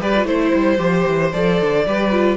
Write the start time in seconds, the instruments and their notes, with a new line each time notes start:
0.00 cello G3, viola G4, violin B4 D5
0.17 viola F4
0.25 cello A3, viola E4, violin C5
0.55 cello G3
0.78 cello F3, viola G4
1.07 cello E3
1.33 cello F3, viola A4, violin D5
1.62 cello D3
1.86 cello G3, viola G4, violin B4
2.12 viola F4